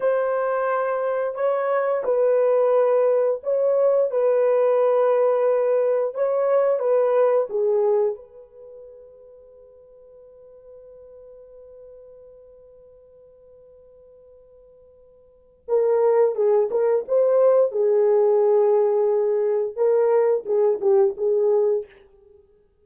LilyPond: \new Staff \with { instrumentName = "horn" } { \time 4/4 \tempo 4 = 88 c''2 cis''4 b'4~ | b'4 cis''4 b'2~ | b'4 cis''4 b'4 gis'4 | b'1~ |
b'1~ | b'2. ais'4 | gis'8 ais'8 c''4 gis'2~ | gis'4 ais'4 gis'8 g'8 gis'4 | }